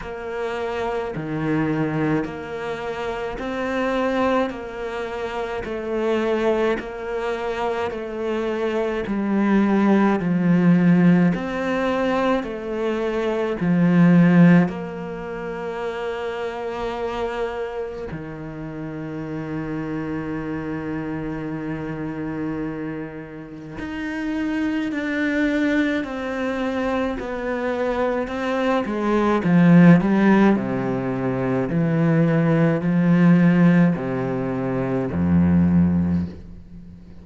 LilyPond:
\new Staff \with { instrumentName = "cello" } { \time 4/4 \tempo 4 = 53 ais4 dis4 ais4 c'4 | ais4 a4 ais4 a4 | g4 f4 c'4 a4 | f4 ais2. |
dis1~ | dis4 dis'4 d'4 c'4 | b4 c'8 gis8 f8 g8 c4 | e4 f4 c4 f,4 | }